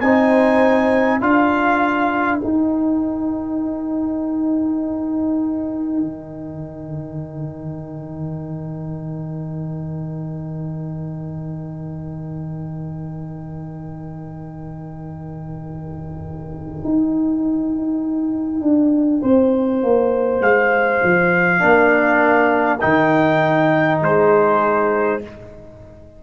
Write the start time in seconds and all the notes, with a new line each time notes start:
0.00 C4 D#4 C5 G#5
1.20 D4 F4 A#4 F5
2.39 D#4 G5
6.01 D#3
16.84 D#4
18.61 D4
19.21 C4 C5
19.83 A#3
20.41 G#3 F5
21.03 F3
21.59 A#3 D4 A#4
22.80 D#3 D#4 G5
24.01 G#3 G#4 C5